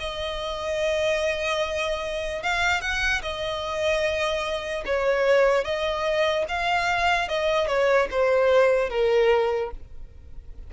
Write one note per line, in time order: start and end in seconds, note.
0.00 2.43 D#5
2.44 2.82 F5
2.82 3.22 F#5
3.22 4.85 D#5
4.86 5.65 C#5
5.65 6.46 D#5
6.49 7.29 F5
7.29 7.68 D#5
7.68 8.08 C#5
8.11 8.90 C5
8.90 9.71 A#4